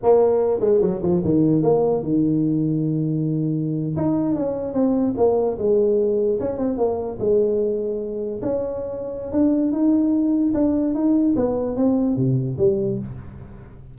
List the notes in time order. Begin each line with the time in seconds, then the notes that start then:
0.03 A#3
0.60 G#3
0.81 F#3
1.02 F3
1.24 D#3
1.62 A#3
2.03 D#3
3.96 D#4
4.35 C#4
4.73 C4
5.17 A#3
5.58 G#3
6.40 C#4
6.57 C4
6.77 A#3
7.19 G#3
8.41 C#4
9.31 D4
9.71 D#4
10.54 D4
10.94 D#4
11.36 B3
11.76 C4
12.16 C3
12.57 G3